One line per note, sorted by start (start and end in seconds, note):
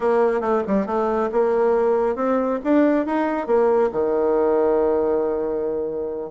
0.00 0.40 A#3
0.40 0.62 A3
0.67 0.86 G3
0.86 1.29 A3
1.31 2.15 A#3
2.15 2.59 C4
2.64 3.06 D4
3.06 3.46 D#4
3.46 3.90 A#3
3.92 6.30 D#3